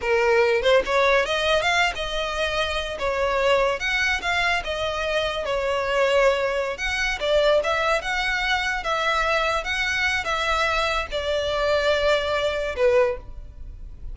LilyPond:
\new Staff \with { instrumentName = "violin" } { \time 4/4 \tempo 4 = 146 ais'4. c''8 cis''4 dis''4 | f''8. dis''2~ dis''8 cis''8.~ | cis''4~ cis''16 fis''4 f''4 dis''8.~ | dis''4~ dis''16 cis''2~ cis''8.~ |
cis''8 fis''4 d''4 e''4 fis''8~ | fis''4. e''2 fis''8~ | fis''4 e''2 d''4~ | d''2. b'4 | }